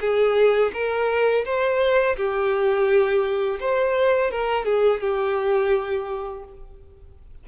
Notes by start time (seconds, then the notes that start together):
0.00 G#4
0.73 A#4
1.45 C5
2.16 G4
3.60 C5
4.31 A#4
4.65 G#4
5.00 G4